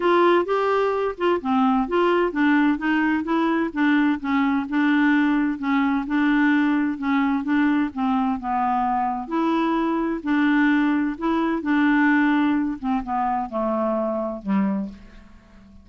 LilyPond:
\new Staff \with { instrumentName = "clarinet" } { \time 4/4 \tempo 4 = 129 f'4 g'4. f'8 c'4 | f'4 d'4 dis'4 e'4 | d'4 cis'4 d'2 | cis'4 d'2 cis'4 |
d'4 c'4 b2 | e'2 d'2 | e'4 d'2~ d'8 c'8 | b4 a2 g4 | }